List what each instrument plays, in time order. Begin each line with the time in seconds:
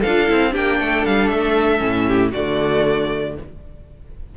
0.00 cello D4, violin A4 F5
0.07 viola F4
0.27 cello C4, viola E4
0.51 cello A#3, viola D4, violin G4 G5
0.80 cello A3, violin A4
1.06 cello G3, violin F5
1.28 cello A3, violin E5
1.79 cello A2, viola C#4
2.07 violin G4
2.32 cello D3, viola A3, violin F#4 D5